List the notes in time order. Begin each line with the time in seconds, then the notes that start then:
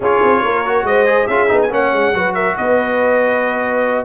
0.00 C#4 F4 G#4 C#5
0.22 C4
0.41 A#3 A#4
0.65 F#4
0.83 G#3 C5 D#5
1.06 G#4
1.27 C#4 F4 G#4 E5
1.47 B3 D#4
1.62 G#5
1.70 A#3 C#4 C#5 F#5
1.92 G#3
2.13 F#3 F#4 B4
2.34 A#4 E5
2.57 B3 B4 D#5